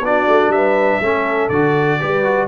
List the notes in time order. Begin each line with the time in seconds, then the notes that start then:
0.00 B3 D4 F#4 D5
0.28 A3
0.49 G3 B4 E5
1.00 A3 C#4 A4
1.49 D3 F#4 D5
2.00 G3 G4 B4
2.24 F#4